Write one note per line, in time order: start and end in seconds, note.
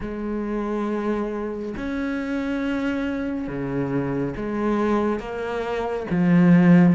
0.00 1.74 G#3
1.76 3.47 C#4
3.47 4.34 C#3
4.36 5.19 G#3
5.19 6.06 A#3
6.10 6.95 F3